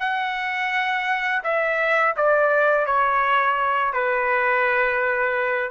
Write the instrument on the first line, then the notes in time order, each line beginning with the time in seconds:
trumpet
0.00 F#5
1.44 E5
2.17 D5
2.86 C#5
3.94 B4